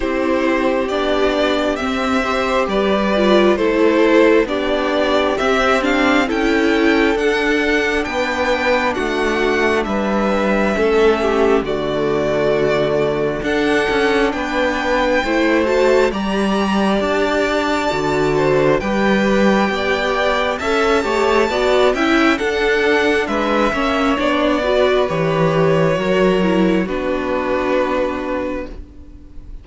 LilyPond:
<<
  \new Staff \with { instrumentName = "violin" } { \time 4/4 \tempo 4 = 67 c''4 d''4 e''4 d''4 | c''4 d''4 e''8 f''8 g''4 | fis''4 g''4 fis''4 e''4~ | e''4 d''2 fis''4 |
g''4. a''8 ais''4 a''4~ | a''4 g''2 a''4~ | a''8 g''8 fis''4 e''4 d''4 | cis''2 b'2 | }
  \new Staff \with { instrumentName = "violin" } { \time 4/4 g'2~ g'8 c''8 b'4 | a'4 g'2 a'4~ | a'4 b'4 fis'4 b'4 | a'8 g'8 fis'2 a'4 |
b'4 c''4 d''2~ | d''8 c''8 b'4 d''4 e''8 cis''8 | d''8 e''8 a'4 b'8 cis''4 b'8~ | b'4 ais'4 fis'2 | }
  \new Staff \with { instrumentName = "viola" } { \time 4/4 e'4 d'4 c'8 g'4 f'8 | e'4 d'4 c'8 d'8 e'4 | d'1 | cis'4 a2 d'4~ |
d'4 e'8 fis'8 g'2 | fis'4 g'2 a'8 g'8 | fis'8 e'8 d'4. cis'8 d'8 fis'8 | g'4 fis'8 e'8 d'2 | }
  \new Staff \with { instrumentName = "cello" } { \time 4/4 c'4 b4 c'4 g4 | a4 b4 c'4 cis'4 | d'4 b4 a4 g4 | a4 d2 d'8 cis'8 |
b4 a4 g4 d'4 | d4 g4 b4 cis'8 a8 | b8 cis'8 d'4 gis8 ais8 b4 | e4 fis4 b2 | }
>>